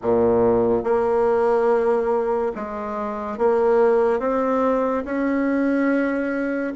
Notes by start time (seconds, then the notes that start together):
0.02 A#2
0.83 A#3
2.55 G#3
3.38 A#3
4.19 C4
5.04 C#4